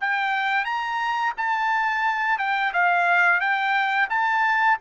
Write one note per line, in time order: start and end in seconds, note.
0.00 0.64 G5
0.64 1.33 A#5
1.37 2.38 A5
2.38 2.72 G5
2.73 3.40 F5
3.40 4.08 G5
4.09 4.78 A5